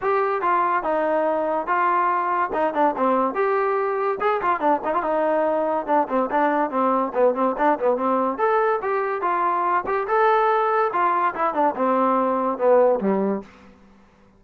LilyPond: \new Staff \with { instrumentName = "trombone" } { \time 4/4 \tempo 4 = 143 g'4 f'4 dis'2 | f'2 dis'8 d'8 c'4 | g'2 gis'8 f'8 d'8 dis'16 f'16 | dis'2 d'8 c'8 d'4 |
c'4 b8 c'8 d'8 b8 c'4 | a'4 g'4 f'4. g'8 | a'2 f'4 e'8 d'8 | c'2 b4 g4 | }